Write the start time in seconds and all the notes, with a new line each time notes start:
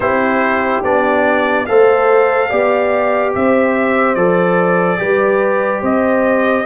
0.00 C4 E4 G4 C5
0.83 B3 D4 D5
1.66 A3 A4 C5 F5
2.49 B3 G4 D5
3.35 C4 C5 E5
4.15 F3 A4 D5
4.98 G3 G4 B4
5.81 C4 C5 D#5